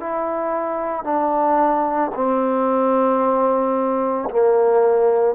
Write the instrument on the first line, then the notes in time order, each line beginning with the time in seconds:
trombone
0.00 E4
1.04 D4
2.15 C4
4.30 A#3